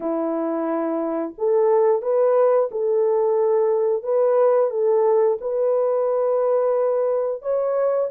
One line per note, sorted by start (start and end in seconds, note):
0.00 1.33 E4
1.38 2.01 A4
2.01 2.69 B4
2.71 4.03 A4
4.03 4.70 B4
4.70 5.37 A4
5.41 7.42 B4
7.42 8.09 C#5